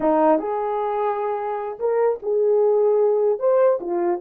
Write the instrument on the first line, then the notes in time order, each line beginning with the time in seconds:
horn
0.00 D#4
0.38 G#4
1.79 A#4
2.22 G#4
3.39 C5
3.80 F4